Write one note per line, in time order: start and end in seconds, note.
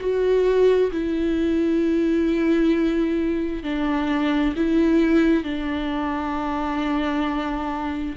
0.00 0.91 F#4
0.92 3.63 E4
3.63 4.54 D4
4.56 5.43 E4
5.43 8.16 D4